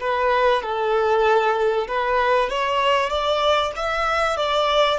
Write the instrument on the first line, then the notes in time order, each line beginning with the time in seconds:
violin
0.00 B4
0.62 A4
1.87 B4
2.49 C#5
3.09 D5
3.76 E5
4.36 D5